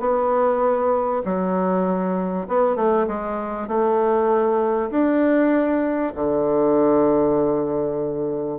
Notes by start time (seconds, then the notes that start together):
0.00 B3
1.25 F#3
2.48 B3
2.76 A3
3.08 G#3
3.68 A3
4.91 D4
6.15 D3